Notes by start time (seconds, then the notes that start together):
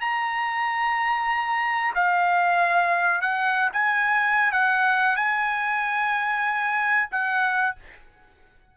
0.00 A#5
1.94 F5
3.21 F#5
3.72 G#5
4.52 F#5
5.16 G#5
7.11 F#5